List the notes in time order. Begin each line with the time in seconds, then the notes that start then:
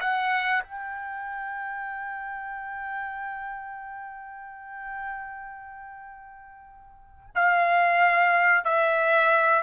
0.00 F#5
0.63 G5
7.35 F5
8.64 E5